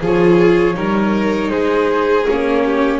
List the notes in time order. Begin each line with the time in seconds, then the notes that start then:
0.00 F3 F4 G#4 C#5
0.74 G3 D#4 A#4
1.50 G#3 G#4 C5
2.27 A#3 C#4 C#5
2.65 G4